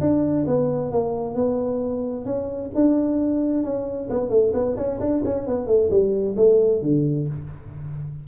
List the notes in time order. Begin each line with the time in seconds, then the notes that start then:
0.00 D4
0.46 B3
0.91 A#3
1.34 B3
2.25 C#4
2.74 D4
3.63 C#4
4.10 B3
4.29 A3
4.53 B3
4.76 C#4
5.00 D4
5.24 C#4
5.46 B3
5.66 A3
5.90 G3
6.36 A3
6.82 D3